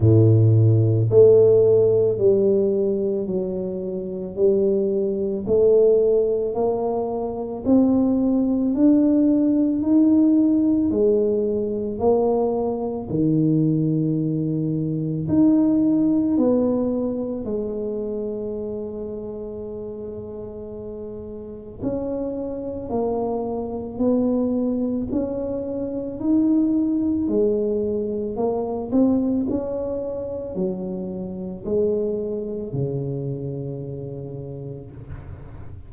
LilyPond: \new Staff \with { instrumentName = "tuba" } { \time 4/4 \tempo 4 = 55 a,4 a4 g4 fis4 | g4 a4 ais4 c'4 | d'4 dis'4 gis4 ais4 | dis2 dis'4 b4 |
gis1 | cis'4 ais4 b4 cis'4 | dis'4 gis4 ais8 c'8 cis'4 | fis4 gis4 cis2 | }